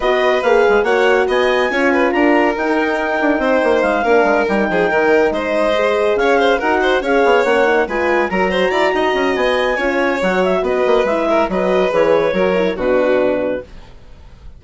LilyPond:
<<
  \new Staff \with { instrumentName = "clarinet" } { \time 4/4 \tempo 4 = 141 dis''4 f''4 fis''4 gis''4~ | gis''4 ais''4 g''2~ | g''4 f''4. g''4.~ | g''8 dis''2 f''4 fis''8~ |
fis''8 f''4 fis''4 gis''4 ais''8~ | ais''2 gis''2 | fis''8 e''8 dis''4 e''4 dis''4 | cis''2 b'2 | }
  \new Staff \with { instrumentName = "violin" } { \time 4/4 b'2 cis''4 dis''4 | cis''8 b'8 ais'2. | c''4. ais'4. gis'8 ais'8~ | ais'8 c''2 cis''8 c''8 ais'8 |
c''8 cis''2 b'4 ais'8 | c''8 d''8 dis''2 cis''4~ | cis''4 b'4. ais'8 b'4~ | b'4 ais'4 fis'2 | }
  \new Staff \with { instrumentName = "horn" } { \time 4/4 fis'4 gis'4 fis'2 | f'2 dis'2~ | dis'4. d'4 dis'4.~ | dis'4. gis'2 fis'8~ |
fis'8 gis'4 cis'8 dis'8 f'4 fis'8~ | fis'2. f'4 | fis'2 e'4 fis'4 | gis'4 fis'8 e'8 d'2 | }
  \new Staff \with { instrumentName = "bassoon" } { \time 4/4 b4 ais8 gis8 ais4 b4 | cis'4 d'4 dis'4. d'8 | c'8 ais8 gis8 ais8 gis8 g8 f8 dis8~ | dis8 gis2 cis'4 dis'8~ |
dis'8 cis'8 b8 ais4 gis4 fis8~ | fis8 e'8 dis'8 cis'8 b4 cis'4 | fis4 b8 ais8 gis4 fis4 | e4 fis4 b,2 | }
>>